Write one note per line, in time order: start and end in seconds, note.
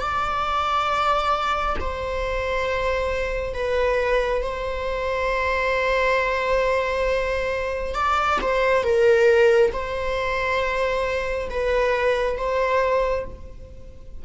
0.00 1.76 D5
1.80 3.54 C5
3.54 4.42 B4
4.42 7.95 C5
7.95 8.39 D5
8.41 8.84 C5
8.84 9.72 A#4
9.73 11.49 C5
11.50 12.37 B4
12.37 13.25 C5